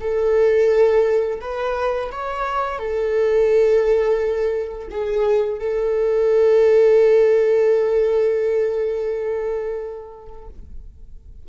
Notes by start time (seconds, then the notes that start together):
0.00 A4
1.40 B4
2.11 C#5
2.78 A4
4.90 G#4
5.59 A4